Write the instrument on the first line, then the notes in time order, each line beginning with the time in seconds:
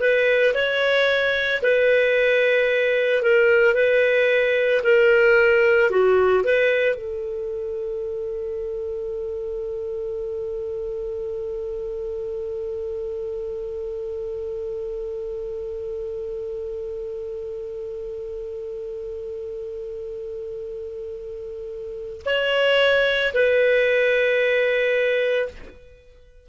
clarinet
0.00 B4
0.55 C#5
1.63 B4
3.22 A#4
3.75 B4
4.84 A#4
5.91 F#4
6.44 B4
6.95 A4
22.26 C#5
23.34 B4